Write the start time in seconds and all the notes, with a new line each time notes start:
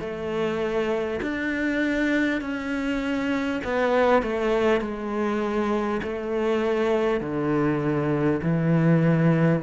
0.00 A3
1.23 D4
2.42 C#4
3.64 B3
4.23 A3
4.81 G#3
6.03 A3
7.21 D3
8.43 E3